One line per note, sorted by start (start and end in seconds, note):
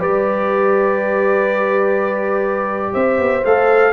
0.00 2.93 G3
0.00 3.44 G4
0.00 2.92 B4
0.00 2.94 D5
2.93 3.19 C4
2.93 3.93 C5
2.93 3.45 E5
3.19 3.44 B3
3.45 3.93 A3
3.45 3.93 A4
3.45 3.93 F5